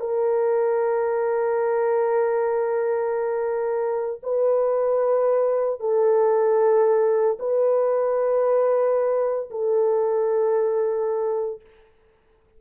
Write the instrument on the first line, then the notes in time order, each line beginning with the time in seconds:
horn
0.00 A#4
4.23 B4
5.80 A4
7.39 B4
9.50 A4